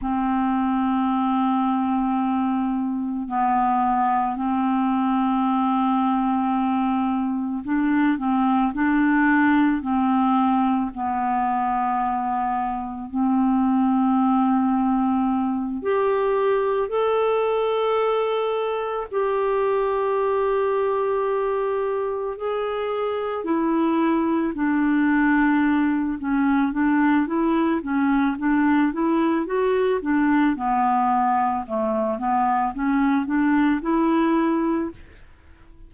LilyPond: \new Staff \with { instrumentName = "clarinet" } { \time 4/4 \tempo 4 = 55 c'2. b4 | c'2. d'8 c'8 | d'4 c'4 b2 | c'2~ c'8 g'4 a'8~ |
a'4. g'2~ g'8~ | g'8 gis'4 e'4 d'4. | cis'8 d'8 e'8 cis'8 d'8 e'8 fis'8 d'8 | b4 a8 b8 cis'8 d'8 e'4 | }